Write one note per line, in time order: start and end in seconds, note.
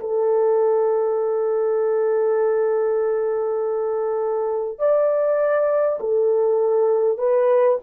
0.00 4.79 A4
4.79 5.99 D5
6.00 7.18 A4
7.18 7.78 B4